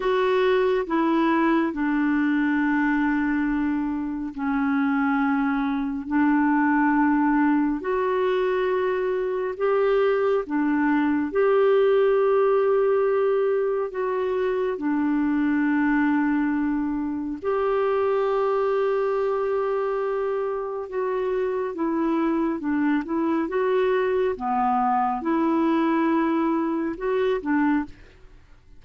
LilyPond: \new Staff \with { instrumentName = "clarinet" } { \time 4/4 \tempo 4 = 69 fis'4 e'4 d'2~ | d'4 cis'2 d'4~ | d'4 fis'2 g'4 | d'4 g'2. |
fis'4 d'2. | g'1 | fis'4 e'4 d'8 e'8 fis'4 | b4 e'2 fis'8 d'8 | }